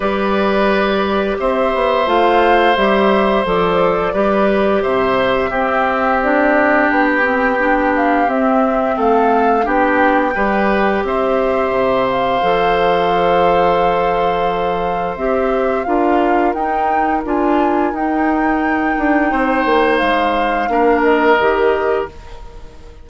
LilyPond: <<
  \new Staff \with { instrumentName = "flute" } { \time 4/4 \tempo 4 = 87 d''2 e''4 f''4 | e''4 d''2 e''4~ | e''4 d''4 g''4. f''8 | e''4 f''4 g''2 |
e''4. f''2~ f''8~ | f''2 e''4 f''4 | g''4 gis''4 g''2~ | g''4 f''4. dis''4. | }
  \new Staff \with { instrumentName = "oboe" } { \time 4/4 b'2 c''2~ | c''2 b'4 c''4 | g'1~ | g'4 a'4 g'4 b'4 |
c''1~ | c''2. ais'4~ | ais'1 | c''2 ais'2 | }
  \new Staff \with { instrumentName = "clarinet" } { \time 4/4 g'2. f'4 | g'4 a'4 g'2 | c'4 d'4. c'8 d'4 | c'2 d'4 g'4~ |
g'2 a'2~ | a'2 g'4 f'4 | dis'4 f'4 dis'2~ | dis'2 d'4 g'4 | }
  \new Staff \with { instrumentName = "bassoon" } { \time 4/4 g2 c'8 b8 a4 | g4 f4 g4 c4 | c'2 b2 | c'4 a4 b4 g4 |
c'4 c4 f2~ | f2 c'4 d'4 | dis'4 d'4 dis'4. d'8 | c'8 ais8 gis4 ais4 dis4 | }
>>